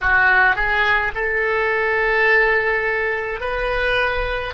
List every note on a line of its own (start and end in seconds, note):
0.01 0.55 F#4
0.55 1.12 G#4
1.14 3.40 A4
3.40 4.53 B4